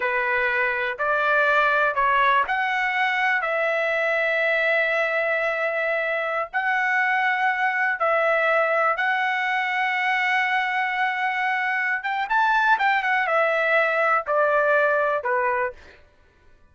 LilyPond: \new Staff \with { instrumentName = "trumpet" } { \time 4/4 \tempo 4 = 122 b'2 d''2 | cis''4 fis''2 e''4~ | e''1~ | e''4~ e''16 fis''2~ fis''8.~ |
fis''16 e''2 fis''4.~ fis''16~ | fis''1~ | fis''8 g''8 a''4 g''8 fis''8 e''4~ | e''4 d''2 b'4 | }